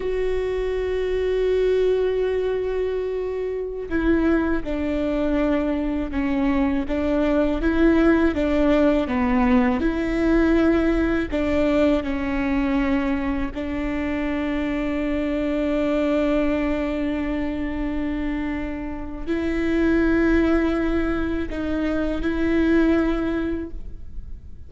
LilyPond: \new Staff \with { instrumentName = "viola" } { \time 4/4 \tempo 4 = 81 fis'1~ | fis'4~ fis'16 e'4 d'4.~ d'16~ | d'16 cis'4 d'4 e'4 d'8.~ | d'16 b4 e'2 d'8.~ |
d'16 cis'2 d'4.~ d'16~ | d'1~ | d'2 e'2~ | e'4 dis'4 e'2 | }